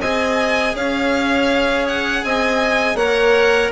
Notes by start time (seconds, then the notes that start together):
0.00 C4 G#4 D#5 G#5
0.75 C#4 C#5 F5
1.88 F#5
2.24 C4 D#5 G#5
2.95 A#3 A#4 C#5 F#5